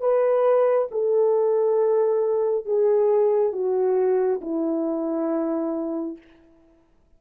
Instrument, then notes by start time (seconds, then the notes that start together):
horn
0.00 B4
0.91 A4
2.65 G#4
3.53 F#4
4.41 E4